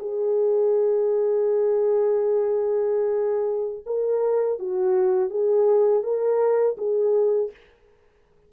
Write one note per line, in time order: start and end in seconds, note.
0.00 3.84 G#4
3.86 4.59 A#4
4.59 5.30 F#4
5.30 6.03 G#4
6.04 6.77 A#4
6.77 7.51 G#4